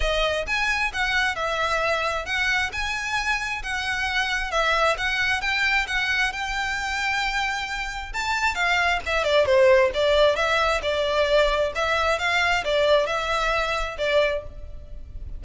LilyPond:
\new Staff \with { instrumentName = "violin" } { \time 4/4 \tempo 4 = 133 dis''4 gis''4 fis''4 e''4~ | e''4 fis''4 gis''2 | fis''2 e''4 fis''4 | g''4 fis''4 g''2~ |
g''2 a''4 f''4 | e''8 d''8 c''4 d''4 e''4 | d''2 e''4 f''4 | d''4 e''2 d''4 | }